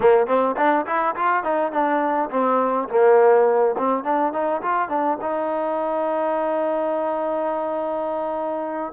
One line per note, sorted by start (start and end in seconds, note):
0.00 0.26 A#3
0.26 0.55 C4
0.56 0.85 D4
0.86 1.15 E4
1.15 1.43 F4
1.43 1.72 D#4
1.72 2.29 D4
2.30 2.88 C4
2.88 3.75 A#3
3.78 4.03 C4
4.03 4.32 D4
4.32 4.61 D#4
4.62 4.89 F4
4.89 5.17 D4
5.21 8.92 D#4